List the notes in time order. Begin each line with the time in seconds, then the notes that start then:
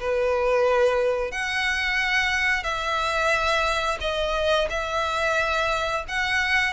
0.00 B4
1.31 F#5
2.63 E5
4.01 D#5
4.70 E5
6.08 F#5